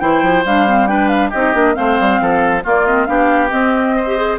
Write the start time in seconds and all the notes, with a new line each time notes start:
0.00 E3 E4 C5 G5
0.22 F3
0.45 G3 D4 F5
0.68 C4
0.87 D4 B4 G5
1.08 F5
1.30 C4 D#4 G4 D#5
1.54 A#3 D4
1.75 A3 C4 C5 F5
2.00 G3
2.20 F3 A4
2.64 A#3 F4 D5
2.86 C4 D#5
3.05 B3 D4 G4 F5
3.49 C4 D#5
3.96 C5
4.07 G4
4.17 G#4